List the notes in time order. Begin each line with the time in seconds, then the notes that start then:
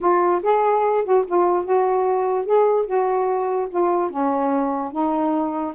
0.00 F4
0.43 G#4
1.04 F#4
1.27 F4
1.64 F#4
2.45 G#4
2.86 F#4
3.70 F4
4.10 C#4
4.92 D#4